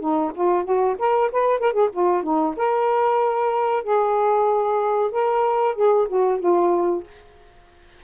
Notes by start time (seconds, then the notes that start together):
0.00 D#4
0.35 F4
0.64 F#4
0.99 A#4
1.32 B4
1.60 A#4
1.73 G#4
1.93 F4
2.23 D#4
2.57 A#4
3.84 G#4
5.12 A#4
5.76 G#4
6.08 F#4
6.40 F4